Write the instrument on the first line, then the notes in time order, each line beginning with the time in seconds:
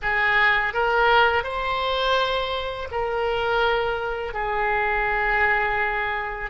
oboe
0.02 G#4
0.73 A#4
1.43 C5
2.91 A#4
4.33 G#4